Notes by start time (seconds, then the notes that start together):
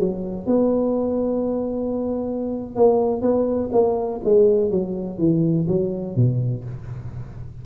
0.00 F#3
0.47 B3
2.76 A#3
3.22 B3
3.73 A#3
4.25 G#3
4.71 F#3
5.19 E3
5.68 F#3
6.16 B2